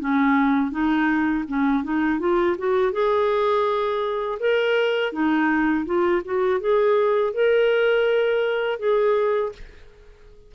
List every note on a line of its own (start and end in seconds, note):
0.00 0.71 C#4
0.71 1.44 D#4
1.48 1.83 C#4
1.83 2.20 D#4
2.20 2.56 F4
2.57 2.92 F#4
2.92 4.38 G#4
4.39 5.12 A#4
5.12 5.85 D#4
5.85 6.22 F4
6.25 6.60 F#4
6.60 7.33 G#4
7.33 8.79 A#4
8.79 9.52 G#4